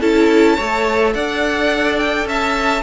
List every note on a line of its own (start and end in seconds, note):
0.00 0.58 C#4
0.00 0.58 E4
0.00 0.56 A4
0.00 1.13 A5
0.56 1.14 A3
0.56 2.83 A4
0.56 1.13 C#5
1.13 2.25 D4
1.13 2.28 D5
1.13 1.98 F#5
1.98 2.27 G5
2.25 2.81 C#4
2.25 2.83 E5
2.25 2.83 A5